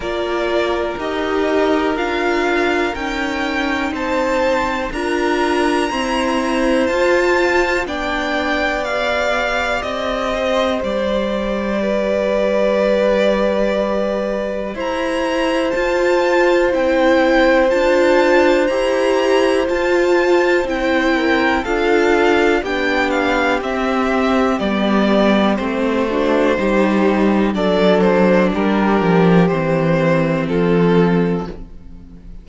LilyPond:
<<
  \new Staff \with { instrumentName = "violin" } { \time 4/4 \tempo 4 = 61 d''4 dis''4 f''4 g''4 | a''4 ais''2 a''4 | g''4 f''4 dis''4 d''4~ | d''2. ais''4 |
a''4 g''4 a''4 ais''4 | a''4 g''4 f''4 g''8 f''8 | e''4 d''4 c''2 | d''8 c''8 ais'4 c''4 a'4 | }
  \new Staff \with { instrumentName = "violin" } { \time 4/4 ais'1 | c''4 ais'4 c''2 | d''2~ d''8 c''4. | b'2. c''4~ |
c''1~ | c''4. ais'8 a'4 g'4~ | g'2~ g'8 fis'8 g'4 | a'4 g'2 f'4 | }
  \new Staff \with { instrumentName = "viola" } { \time 4/4 f'4 g'4 f'4 dis'4~ | dis'4 f'4 c'4 f'4 | d'4 g'2.~ | g'1 |
f'4 e'4 f'4 g'4 | f'4 e'4 f'4 d'4 | c'4 b4 c'8 d'8 dis'4 | d'2 c'2 | }
  \new Staff \with { instrumentName = "cello" } { \time 4/4 ais4 dis'4 d'4 cis'4 | c'4 d'4 e'4 f'4 | b2 c'4 g4~ | g2. e'4 |
f'4 c'4 d'4 e'4 | f'4 c'4 d'4 b4 | c'4 g4 a4 g4 | fis4 g8 f8 e4 f4 | }
>>